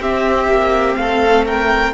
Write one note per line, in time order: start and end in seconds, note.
0.00 0.48 C4
0.00 1.93 C4
0.00 0.97 G4
0.00 0.95 E5
0.48 0.96 A#3
0.95 1.93 A3
0.95 1.45 A4
0.95 1.44 F5
1.45 1.93 A#4
1.45 1.93 G5